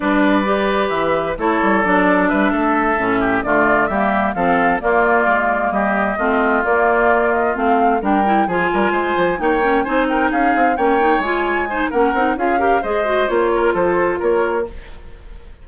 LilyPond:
<<
  \new Staff \with { instrumentName = "flute" } { \time 4/4 \tempo 4 = 131 d''2 e''4 cis''4 | d''4 e''2~ e''8 d''8~ | d''8 e''4 f''4 d''4.~ | d''8 dis''2 d''4. |
dis''8 f''4 g''4 gis''4.~ | gis''8 g''4 gis''8 g''8 f''4 g''8~ | g''8 gis''4. fis''4 f''4 | dis''4 cis''4 c''4 cis''4 | }
  \new Staff \with { instrumentName = "oboe" } { \time 4/4 b'2. a'4~ | a'4 b'8 a'4. g'8 f'8~ | f'8 g'4 a'4 f'4.~ | f'8 g'4 f'2~ f'8~ |
f'4. ais'4 gis'8 ais'8 c''8~ | c''8 cis''4 c''8 ais'8 gis'4 cis''8~ | cis''4. c''8 ais'4 gis'8 ais'8 | c''4. ais'8 a'4 ais'4 | }
  \new Staff \with { instrumentName = "clarinet" } { \time 4/4 d'4 g'2 e'4 | d'2~ d'8 cis'4 a8~ | a8 ais4 c'4 ais4.~ | ais4. c'4 ais4.~ |
ais8 c'4 d'8 e'8 f'4.~ | f'8 dis'8 cis'8 dis'2 cis'8 | dis'8 f'4 dis'8 cis'8 dis'8 f'8 g'8 | gis'8 fis'8 f'2. | }
  \new Staff \with { instrumentName = "bassoon" } { \time 4/4 g2 e4 a8 g8 | fis4 g8 a4 a,4 d8~ | d8 g4 f4 ais4 gis8~ | gis8 g4 a4 ais4.~ |
ais8 a4 g4 f8 g8 gis8 | f8 ais4 c'4 cis'8 c'8 ais8~ | ais8 gis4. ais8 c'8 cis'4 | gis4 ais4 f4 ais4 | }
>>